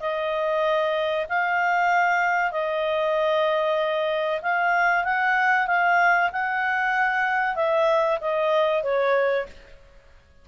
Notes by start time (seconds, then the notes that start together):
0.00 D#5
1.29 F5
2.52 D#5
4.42 F5
5.05 F#5
5.67 F5
6.32 F#5
7.56 E5
8.21 D#5
8.83 C#5